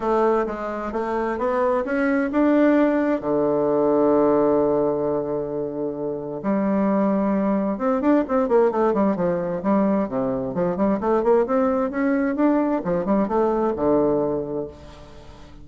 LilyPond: \new Staff \with { instrumentName = "bassoon" } { \time 4/4 \tempo 4 = 131 a4 gis4 a4 b4 | cis'4 d'2 d4~ | d1~ | d2 g2~ |
g4 c'8 d'8 c'8 ais8 a8 g8 | f4 g4 c4 f8 g8 | a8 ais8 c'4 cis'4 d'4 | f8 g8 a4 d2 | }